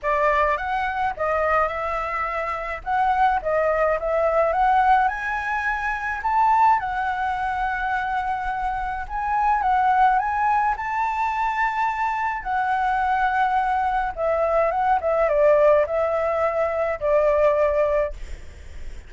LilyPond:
\new Staff \with { instrumentName = "flute" } { \time 4/4 \tempo 4 = 106 d''4 fis''4 dis''4 e''4~ | e''4 fis''4 dis''4 e''4 | fis''4 gis''2 a''4 | fis''1 |
gis''4 fis''4 gis''4 a''4~ | a''2 fis''2~ | fis''4 e''4 fis''8 e''8 d''4 | e''2 d''2 | }